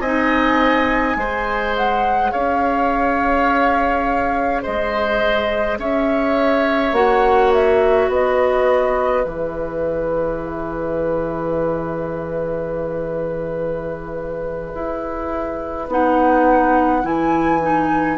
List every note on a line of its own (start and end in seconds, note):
0.00 1.15 C4
0.00 1.19 D#4
0.00 1.17 D#5
0.00 1.75 G#5
1.16 2.32 G#3
1.16 6.94 G#4
1.16 2.32 C5
1.77 2.32 F#5
2.32 4.66 C#4
2.32 4.63 C#5
2.32 4.63 F5
4.63 5.79 G#3
4.63 5.78 C5
4.63 5.79 D#5
5.79 6.93 C#4
5.79 8.10 C#5
5.79 6.95 E5
6.93 8.08 A#3
6.93 9.25 F#4
6.93 7.53 F#5
7.53 8.11 E5
8.09 9.25 B3
8.09 18.18 B4
8.09 9.24 D#5
9.24 14.73 E3
9.24 15.88 G#4
9.24 15.87 E5
14.75 15.88 E4
15.88 17.04 B3
15.88 17.03 D#4
15.88 17.06 F#5
17.03 18.18 E3
17.03 17.61 E4
17.03 18.18 G#5
17.63 18.18 D#4